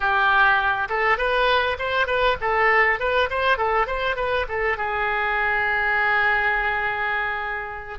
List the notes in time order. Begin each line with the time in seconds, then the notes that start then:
0.00 G4
0.89 A4
1.17 B4
1.78 C5
2.07 B4
2.41 A4
2.99 B4
3.30 C5
3.57 A4
3.86 C5
4.16 B4
4.48 A4
4.77 G#4